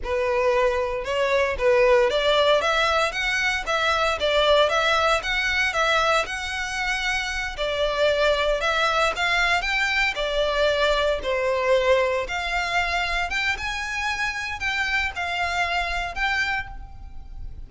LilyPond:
\new Staff \with { instrumentName = "violin" } { \time 4/4 \tempo 4 = 115 b'2 cis''4 b'4 | d''4 e''4 fis''4 e''4 | d''4 e''4 fis''4 e''4 | fis''2~ fis''8 d''4.~ |
d''8 e''4 f''4 g''4 d''8~ | d''4. c''2 f''8~ | f''4. g''8 gis''2 | g''4 f''2 g''4 | }